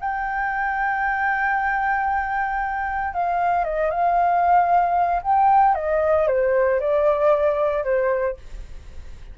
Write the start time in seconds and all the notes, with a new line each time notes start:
0.00 G5
3.14 F5
3.64 D#5
3.90 F5
5.22 G5
5.75 D#5
6.27 C5
6.80 D5
7.84 C5